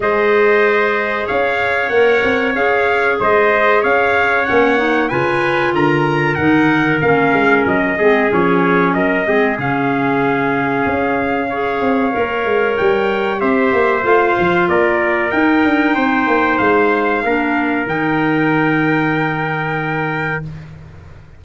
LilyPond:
<<
  \new Staff \with { instrumentName = "trumpet" } { \time 4/4 \tempo 4 = 94 dis''2 f''4 fis''4 | f''4 dis''4 f''4 fis''4 | gis''4 ais''4 fis''4 f''4 | dis''4 cis''4 dis''4 f''4~ |
f''1 | g''4 e''4 f''4 d''4 | g''2 f''2 | g''1 | }
  \new Staff \with { instrumentName = "trumpet" } { \time 4/4 c''2 cis''2~ | cis''4 c''4 cis''2 | b'4 ais'2.~ | ais'8 gis'4. ais'8 gis'4.~ |
gis'2 cis''2~ | cis''4 c''2 ais'4~ | ais'4 c''2 ais'4~ | ais'1 | }
  \new Staff \with { instrumentName = "clarinet" } { \time 4/4 gis'2. ais'4 | gis'2. cis'8 dis'8 | f'2 dis'4 cis'4~ | cis'8 c'8 cis'4. c'8 cis'4~ |
cis'2 gis'4 ais'4~ | ais'4 g'4 f'2 | dis'2. d'4 | dis'1 | }
  \new Staff \with { instrumentName = "tuba" } { \time 4/4 gis2 cis'4 ais8 c'8 | cis'4 gis4 cis'4 ais4 | cis4 d4 dis4 ais8 gis8 | fis8 gis8 f4 fis8 gis8 cis4~ |
cis4 cis'4. c'8 ais8 gis8 | g4 c'8 ais8 a8 f8 ais4 | dis'8 d'8 c'8 ais8 gis4 ais4 | dis1 | }
>>